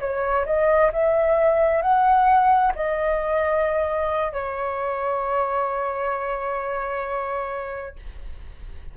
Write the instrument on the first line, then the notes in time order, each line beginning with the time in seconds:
flute
0.00 C#5
0.45 D#5
0.92 E5
1.82 F#5
2.75 D#5
4.32 C#5